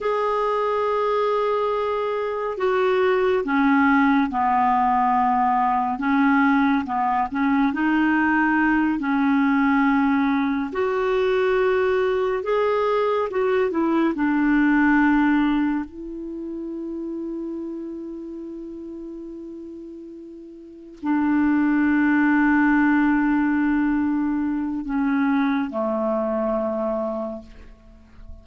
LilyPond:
\new Staff \with { instrumentName = "clarinet" } { \time 4/4 \tempo 4 = 70 gis'2. fis'4 | cis'4 b2 cis'4 | b8 cis'8 dis'4. cis'4.~ | cis'8 fis'2 gis'4 fis'8 |
e'8 d'2 e'4.~ | e'1~ | e'8 d'2.~ d'8~ | d'4 cis'4 a2 | }